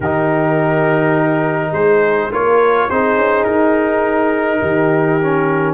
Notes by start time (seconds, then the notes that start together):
0.00 D#3 D#4 G4 A#4
1.72 G#3 G#4 C5
2.31 A#3 F4 A#4 C#5
2.89 C4 D#4 G#4 C5
3.16 C#4
3.44 D#4 A#4
4.60 D#3 G4
5.21 C#4